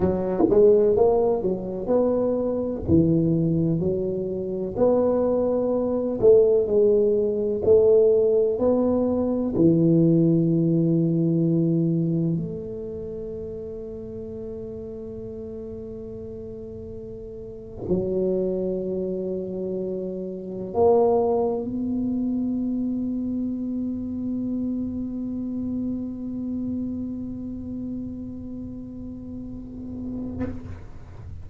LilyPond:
\new Staff \with { instrumentName = "tuba" } { \time 4/4 \tempo 4 = 63 fis8 gis8 ais8 fis8 b4 e4 | fis4 b4. a8 gis4 | a4 b4 e2~ | e4 a2.~ |
a2~ a8. fis4~ fis16~ | fis4.~ fis16 ais4 b4~ b16~ | b1~ | b1 | }